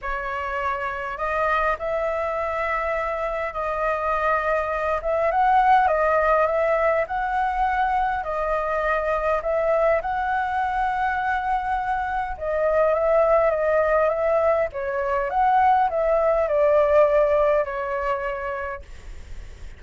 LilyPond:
\new Staff \with { instrumentName = "flute" } { \time 4/4 \tempo 4 = 102 cis''2 dis''4 e''4~ | e''2 dis''2~ | dis''8 e''8 fis''4 dis''4 e''4 | fis''2 dis''2 |
e''4 fis''2.~ | fis''4 dis''4 e''4 dis''4 | e''4 cis''4 fis''4 e''4 | d''2 cis''2 | }